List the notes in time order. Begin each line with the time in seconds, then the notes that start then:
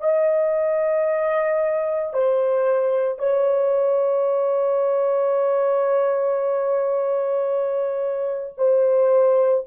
0.00 D#5
2.13 C5
3.19 C#5
8.57 C5